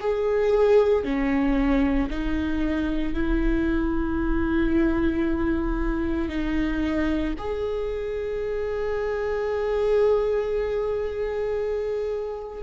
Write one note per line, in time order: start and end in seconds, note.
0.00 1.04 G#4
1.04 2.10 C#4
2.10 3.13 D#4
3.13 6.29 E4
6.29 7.34 D#4
7.38 12.63 G#4